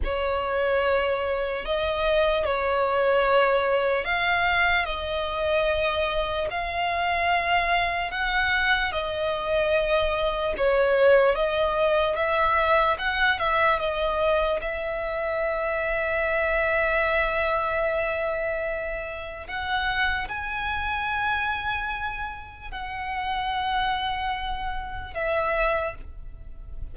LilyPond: \new Staff \with { instrumentName = "violin" } { \time 4/4 \tempo 4 = 74 cis''2 dis''4 cis''4~ | cis''4 f''4 dis''2 | f''2 fis''4 dis''4~ | dis''4 cis''4 dis''4 e''4 |
fis''8 e''8 dis''4 e''2~ | e''1 | fis''4 gis''2. | fis''2. e''4 | }